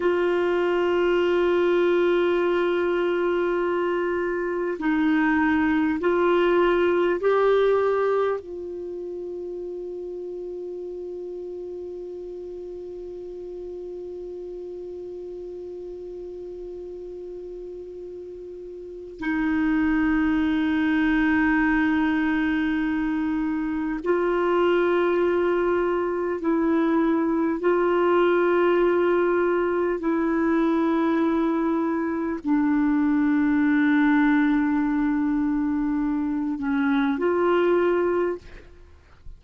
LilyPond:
\new Staff \with { instrumentName = "clarinet" } { \time 4/4 \tempo 4 = 50 f'1 | dis'4 f'4 g'4 f'4~ | f'1~ | f'1 |
dis'1 | f'2 e'4 f'4~ | f'4 e'2 d'4~ | d'2~ d'8 cis'8 f'4 | }